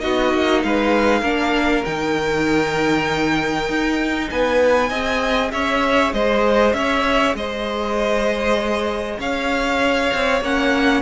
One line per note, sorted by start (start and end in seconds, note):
0.00 0.34 B3
0.00 1.22 D#4
0.00 0.64 F#4
0.00 0.61 D#5
0.34 0.63 A#3
0.63 1.22 G#3
0.63 1.20 B4
0.63 1.84 F5
1.20 1.83 A#3
1.20 1.85 D4
1.20 4.26 A#4
1.84 3.68 D#3
1.84 4.91 D#4
1.84 4.29 G5
3.68 4.30 D#4
4.30 4.90 B3
4.30 4.89 B4
4.30 5.51 G#5
4.89 5.51 C4
4.89 10.42 G#4
4.89 5.51 D#5
5.51 6.13 C#4
5.51 6.14 C#5
5.51 6.12 E5
6.13 6.73 G#3
6.13 6.75 C5
6.13 6.73 D#5
6.73 7.34 C#4
6.73 7.36 C#5
6.73 7.34 E5
7.34 9.18 G#3
7.34 9.19 C5
7.34 9.20 D#5
9.19 10.11 C#4
9.19 11.02 C#5
9.19 10.42 F5
10.14 10.41 C4
10.41 11.02 A#3
10.41 11.02 C#4
10.41 11.02 F#5